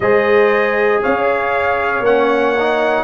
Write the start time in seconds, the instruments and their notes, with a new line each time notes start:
0.00 tuba G#3, trombone G#4, horn C5, trumpet D#5
1.02 tuba C#4, horn C#5, trumpet F5
2.00 tuba A#3, trombone C#4, trumpet F#5
2.58 trombone D#4